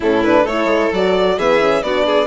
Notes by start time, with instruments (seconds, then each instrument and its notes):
0.00 bassoon A2, horn C#4, violin E4 A4
0.23 horn D4, violin B4
0.43 bassoon A3, horn E4, violin A4 C#5
0.65 bassoon G#3
0.92 bassoon F#3, horn F#4, violin D5
1.37 bassoon E3, horn B3, violin G#4 E5
1.59 horn C#4
1.82 bassoon B3, horn D4, violin F#4 D5
2.06 violin G#4